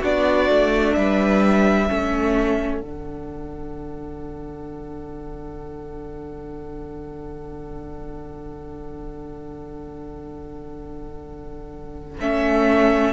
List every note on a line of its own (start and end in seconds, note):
0.00 0.50 B3
0.00 1.89 D4
0.00 0.94 F#4
0.00 0.94 D5
0.50 0.96 A3
0.94 1.90 G3
0.94 1.88 B4
0.94 2.79 E5
1.88 2.81 A3
1.88 2.82 C#4
1.88 13.13 A4
2.79 12.18 D3
2.79 12.19 D4
2.79 12.17 F#5
12.20 13.13 A3
12.20 13.13 C#4
12.20 13.13 E5